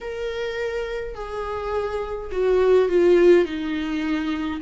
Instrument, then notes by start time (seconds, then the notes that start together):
viola
0.01 A#4
1.14 G#4
2.31 F#4
2.88 F4
3.45 D#4